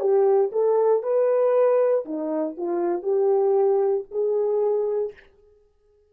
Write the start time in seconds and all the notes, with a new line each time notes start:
0.00 G4
0.52 A4
1.03 B4
2.05 D#4
2.57 F4
3.02 G4
4.11 G#4